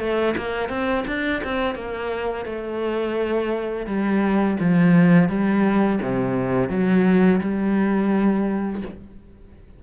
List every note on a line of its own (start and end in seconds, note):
0.00 0.35 A3
0.37 0.69 A#3
0.69 1.05 C4
1.07 1.42 D4
1.44 1.75 C4
1.75 2.45 A#3
2.45 3.86 A3
3.86 4.57 G3
4.60 5.29 F3
5.29 6.00 G3
6.02 6.70 C3
6.70 7.40 F#3
7.41 8.82 G3